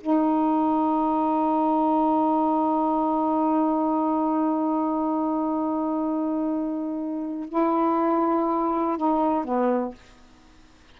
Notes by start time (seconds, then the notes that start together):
0.00 D#4
7.48 E4
8.97 D#4
9.45 B3